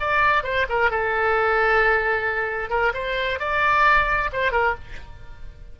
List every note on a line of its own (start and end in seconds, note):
0.00 0.43 D5
0.43 0.66 C5
0.69 0.90 A#4
0.90 2.70 A4
2.70 2.93 A#4
2.94 3.39 C5
3.39 4.30 D5
4.33 4.52 C5
4.52 4.75 A#4